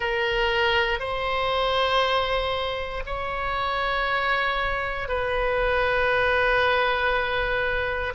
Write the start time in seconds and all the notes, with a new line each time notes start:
0.00 A#4
0.99 C5
3.06 C#5
5.08 B4